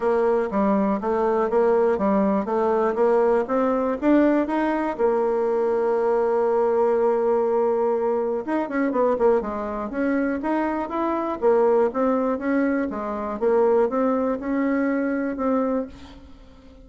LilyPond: \new Staff \with { instrumentName = "bassoon" } { \time 4/4 \tempo 4 = 121 ais4 g4 a4 ais4 | g4 a4 ais4 c'4 | d'4 dis'4 ais2~ | ais1~ |
ais4 dis'8 cis'8 b8 ais8 gis4 | cis'4 dis'4 e'4 ais4 | c'4 cis'4 gis4 ais4 | c'4 cis'2 c'4 | }